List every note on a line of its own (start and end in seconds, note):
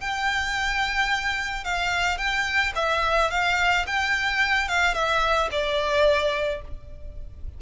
0.00 1.64 G5
1.64 2.17 F5
2.17 2.72 G5
2.75 3.30 E5
3.30 3.85 F5
3.86 4.68 G5
4.68 4.94 F5
4.94 5.49 E5
5.51 6.61 D5